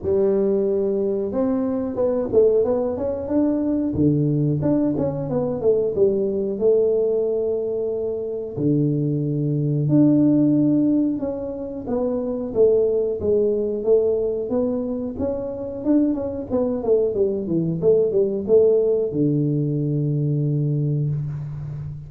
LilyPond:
\new Staff \with { instrumentName = "tuba" } { \time 4/4 \tempo 4 = 91 g2 c'4 b8 a8 | b8 cis'8 d'4 d4 d'8 cis'8 | b8 a8 g4 a2~ | a4 d2 d'4~ |
d'4 cis'4 b4 a4 | gis4 a4 b4 cis'4 | d'8 cis'8 b8 a8 g8 e8 a8 g8 | a4 d2. | }